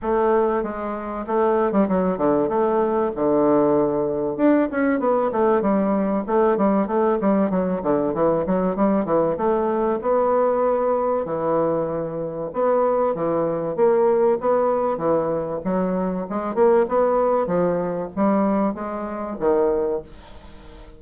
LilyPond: \new Staff \with { instrumentName = "bassoon" } { \time 4/4 \tempo 4 = 96 a4 gis4 a8. g16 fis8 d8 | a4 d2 d'8 cis'8 | b8 a8 g4 a8 g8 a8 g8 | fis8 d8 e8 fis8 g8 e8 a4 |
b2 e2 | b4 e4 ais4 b4 | e4 fis4 gis8 ais8 b4 | f4 g4 gis4 dis4 | }